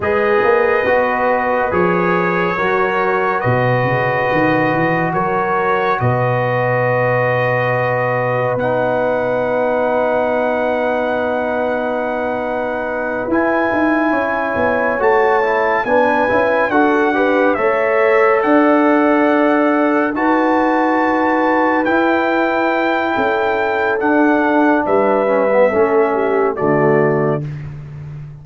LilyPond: <<
  \new Staff \with { instrumentName = "trumpet" } { \time 4/4 \tempo 4 = 70 dis''2 cis''2 | dis''2 cis''4 dis''4~ | dis''2 fis''2~ | fis''2.~ fis''8 gis''8~ |
gis''4. a''4 gis''4 fis''8~ | fis''8 e''4 fis''2 a''8~ | a''4. g''2~ g''8 | fis''4 e''2 d''4 | }
  \new Staff \with { instrumentName = "horn" } { \time 4/4 b'2. ais'4 | b'2 ais'4 b'4~ | b'1~ | b'1~ |
b'8 cis''2 b'4 a'8 | b'8 cis''4 d''2 b'8~ | b'2. a'4~ | a'4 b'4 a'8 g'8 fis'4 | }
  \new Staff \with { instrumentName = "trombone" } { \time 4/4 gis'4 fis'4 gis'4 fis'4~ | fis'1~ | fis'2 dis'2~ | dis'2.~ dis'8 e'8~ |
e'4. fis'8 e'8 d'8 e'8 fis'8 | g'8 a'2. fis'8~ | fis'4. e'2~ e'8 | d'4. cis'16 b16 cis'4 a4 | }
  \new Staff \with { instrumentName = "tuba" } { \time 4/4 gis8 ais8 b4 f4 fis4 | b,8 cis8 dis8 e8 fis4 b,4~ | b,2 b2~ | b2.~ b8 e'8 |
dis'8 cis'8 b8 a4 b8 cis'8 d'8~ | d'8 a4 d'2 dis'8~ | dis'4. e'4. cis'4 | d'4 g4 a4 d4 | }
>>